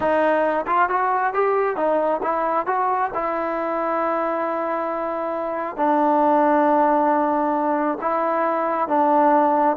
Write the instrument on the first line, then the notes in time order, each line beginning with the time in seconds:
trombone
0.00 D#4
0.66 F4
0.89 F#4
1.33 G4
1.76 D#4
2.22 E4
2.66 F#4
3.14 E4
5.76 D4
8.01 E4
8.88 D4